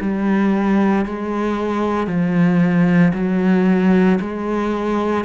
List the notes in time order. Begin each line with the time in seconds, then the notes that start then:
0.00 G3
1.06 G#3
2.07 F3
3.14 F#3
4.21 G#3